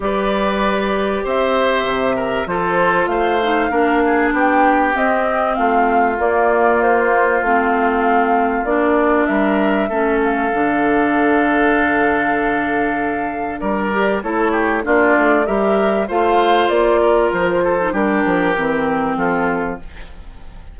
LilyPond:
<<
  \new Staff \with { instrumentName = "flute" } { \time 4/4 \tempo 4 = 97 d''2 e''2 | c''4 f''2 g''4 | dis''4 f''4 d''4 c''4 | f''2 d''4 e''4~ |
e''8 f''2.~ f''8~ | f''2 d''4 cis''4 | d''4 e''4 f''4 d''4 | c''4 ais'2 a'4 | }
  \new Staff \with { instrumentName = "oboe" } { \time 4/4 b'2 c''4. ais'8 | a'4 c''4 ais'8 gis'8 g'4~ | g'4 f'2.~ | f'2. ais'4 |
a'1~ | a'2 ais'4 a'8 g'8 | f'4 ais'4 c''4. ais'8~ | ais'8 a'8 g'2 f'4 | }
  \new Staff \with { instrumentName = "clarinet" } { \time 4/4 g'1 | f'4. dis'8 d'2 | c'2 ais2 | c'2 d'2 |
cis'4 d'2.~ | d'2~ d'8 g'8 e'4 | d'4 g'4 f'2~ | f'8. dis'16 d'4 c'2 | }
  \new Staff \with { instrumentName = "bassoon" } { \time 4/4 g2 c'4 c4 | f4 a4 ais4 b4 | c'4 a4 ais2 | a2 ais4 g4 |
a4 d2.~ | d2 g4 a4 | ais8 a8 g4 a4 ais4 | f4 g8 f8 e4 f4 | }
>>